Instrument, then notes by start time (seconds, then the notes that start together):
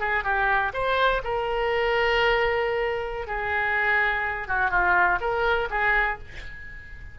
oboe
0.00 G#4
0.24 G4
0.73 C5
1.24 A#4
3.27 G#4
4.48 F#4
4.71 F4
5.20 A#4
5.70 G#4